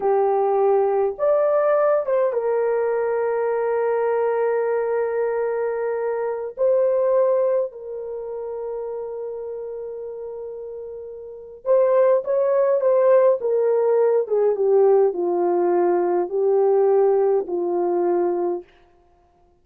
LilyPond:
\new Staff \with { instrumentName = "horn" } { \time 4/4 \tempo 4 = 103 g'2 d''4. c''8 | ais'1~ | ais'2.~ ais'16 c''8.~ | c''4~ c''16 ais'2~ ais'8.~ |
ais'1 | c''4 cis''4 c''4 ais'4~ | ais'8 gis'8 g'4 f'2 | g'2 f'2 | }